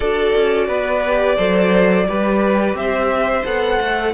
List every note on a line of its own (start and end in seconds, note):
0.00 0.34 D4
0.00 1.04 F#4
0.00 0.66 A4
0.00 2.75 D5
0.35 0.68 C#4
0.67 1.37 B3
0.67 1.36 B4
1.06 1.37 G4
1.36 2.07 F#3
1.36 2.06 A4
1.36 2.05 C5
2.08 2.73 G3
2.08 3.45 G4
2.08 2.77 B4
2.73 3.42 C4
2.73 4.13 C5
2.73 3.45 E5
3.45 3.79 B3
3.45 4.13 A4
3.45 4.13 F#5
3.80 4.13 A3